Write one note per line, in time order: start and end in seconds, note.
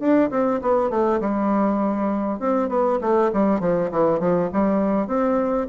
0.00 0.30 D4
0.31 0.61 C4
0.62 0.90 B3
0.90 1.20 A3
1.21 2.39 G3
2.39 2.69 C4
2.69 2.99 B3
3.01 3.31 A3
3.33 3.60 G3
3.60 3.90 F3
3.91 4.20 E3
4.20 4.50 F3
4.53 5.08 G3
5.08 5.68 C4